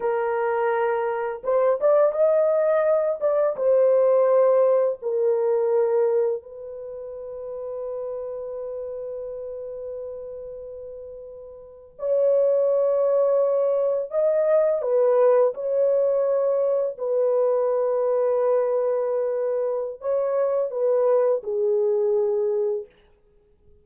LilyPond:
\new Staff \with { instrumentName = "horn" } { \time 4/4 \tempo 4 = 84 ais'2 c''8 d''8 dis''4~ | dis''8 d''8 c''2 ais'4~ | ais'4 b'2.~ | b'1~ |
b'8. cis''2. dis''16~ | dis''8. b'4 cis''2 b'16~ | b'1 | cis''4 b'4 gis'2 | }